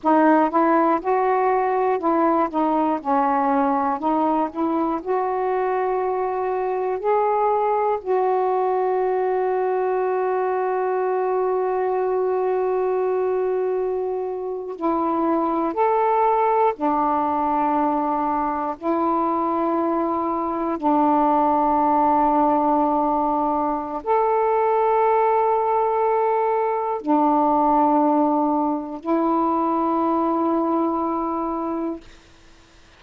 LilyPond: \new Staff \with { instrumentName = "saxophone" } { \time 4/4 \tempo 4 = 60 dis'8 e'8 fis'4 e'8 dis'8 cis'4 | dis'8 e'8 fis'2 gis'4 | fis'1~ | fis'2~ fis'8. e'4 a'16~ |
a'8. d'2 e'4~ e'16~ | e'8. d'2.~ d'16 | a'2. d'4~ | d'4 e'2. | }